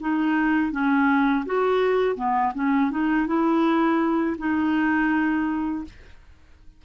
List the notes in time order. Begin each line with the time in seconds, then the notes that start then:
0.00 D#4
0.72 C#4
1.46 F#4
2.16 B3
2.55 C#4
2.91 D#4
3.27 E4
4.38 D#4